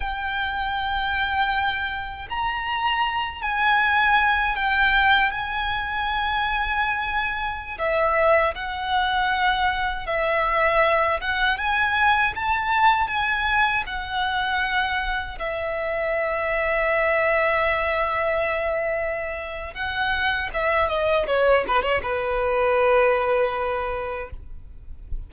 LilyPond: \new Staff \with { instrumentName = "violin" } { \time 4/4 \tempo 4 = 79 g''2. ais''4~ | ais''8 gis''4. g''4 gis''4~ | gis''2~ gis''16 e''4 fis''8.~ | fis''4~ fis''16 e''4. fis''8 gis''8.~ |
gis''16 a''4 gis''4 fis''4.~ fis''16~ | fis''16 e''2.~ e''8.~ | e''2 fis''4 e''8 dis''8 | cis''8 b'16 cis''16 b'2. | }